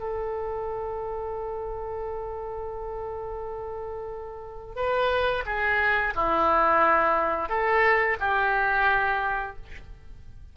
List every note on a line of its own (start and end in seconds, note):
0.00 4.76 A4
4.76 5.44 B4
5.46 6.14 G#4
6.15 7.49 E4
7.49 8.17 A4
8.20 9.56 G4